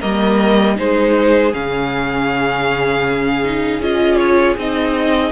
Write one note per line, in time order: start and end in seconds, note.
0.00 0.79 G3
0.00 0.76 A#3
0.00 0.76 A#4
0.00 0.77 D#5
0.76 1.54 G#3
0.76 1.52 D#4
0.76 5.32 G#4
0.76 1.54 C5
1.54 3.81 C#3
1.54 3.44 C#4
1.54 3.82 F5
3.44 3.82 D#4
3.81 4.57 C#4
3.81 4.58 F4
3.81 4.17 D#5
4.17 4.55 C#5
4.58 5.32 C4
4.58 5.32 D#4
4.58 5.32 D#5